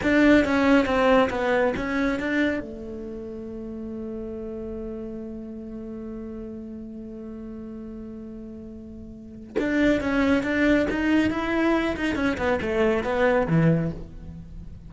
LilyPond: \new Staff \with { instrumentName = "cello" } { \time 4/4 \tempo 4 = 138 d'4 cis'4 c'4 b4 | cis'4 d'4 a2~ | a1~ | a1~ |
a1~ | a2 d'4 cis'4 | d'4 dis'4 e'4. dis'8 | cis'8 b8 a4 b4 e4 | }